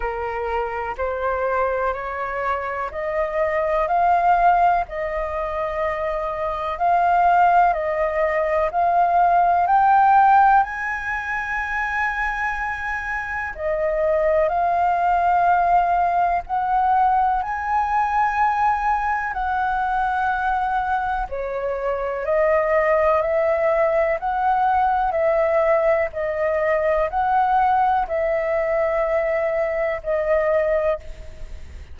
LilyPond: \new Staff \with { instrumentName = "flute" } { \time 4/4 \tempo 4 = 62 ais'4 c''4 cis''4 dis''4 | f''4 dis''2 f''4 | dis''4 f''4 g''4 gis''4~ | gis''2 dis''4 f''4~ |
f''4 fis''4 gis''2 | fis''2 cis''4 dis''4 | e''4 fis''4 e''4 dis''4 | fis''4 e''2 dis''4 | }